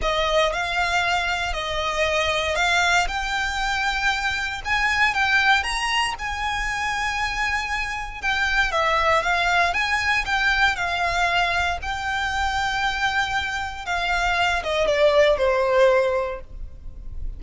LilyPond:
\new Staff \with { instrumentName = "violin" } { \time 4/4 \tempo 4 = 117 dis''4 f''2 dis''4~ | dis''4 f''4 g''2~ | g''4 gis''4 g''4 ais''4 | gis''1 |
g''4 e''4 f''4 gis''4 | g''4 f''2 g''4~ | g''2. f''4~ | f''8 dis''8 d''4 c''2 | }